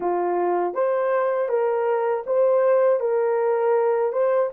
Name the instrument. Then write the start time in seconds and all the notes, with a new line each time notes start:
horn
0.00 F4
0.74 C5
1.48 A#4
2.26 C5
3.00 A#4
4.12 C5